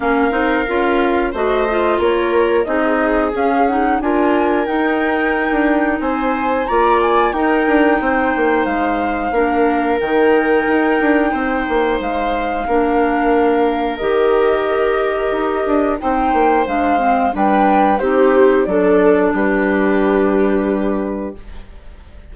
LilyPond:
<<
  \new Staff \with { instrumentName = "flute" } { \time 4/4 \tempo 4 = 90 f''2 dis''4 cis''4 | dis''4 f''8 fis''8 gis''4 g''4~ | g''4 gis''4 ais''8 gis''8 g''4~ | g''4 f''2 g''4~ |
g''2 f''2~ | f''4 dis''2. | g''4 f''4 g''4 c''4 | d''4 b'2. | }
  \new Staff \with { instrumentName = "viola" } { \time 4/4 ais'2 c''4 ais'4 | gis'2 ais'2~ | ais'4 c''4 d''4 ais'4 | c''2 ais'2~ |
ais'4 c''2 ais'4~ | ais'1 | c''2 b'4 g'4 | a'4 g'2. | }
  \new Staff \with { instrumentName = "clarinet" } { \time 4/4 cis'8 dis'8 f'4 fis'8 f'4. | dis'4 cis'8 dis'8 f'4 dis'4~ | dis'2 f'4 dis'4~ | dis'2 d'4 dis'4~ |
dis'2. d'4~ | d'4 g'2. | dis'4 d'8 c'8 d'4 dis'4 | d'1 | }
  \new Staff \with { instrumentName = "bassoon" } { \time 4/4 ais8 c'8 cis'4 a4 ais4 | c'4 cis'4 d'4 dis'4~ | dis'16 d'8. c'4 ais4 dis'8 d'8 | c'8 ais8 gis4 ais4 dis4 |
dis'8 d'8 c'8 ais8 gis4 ais4~ | ais4 dis2 dis'8 d'8 | c'8 ais8 gis4 g4 c'4 | fis4 g2. | }
>>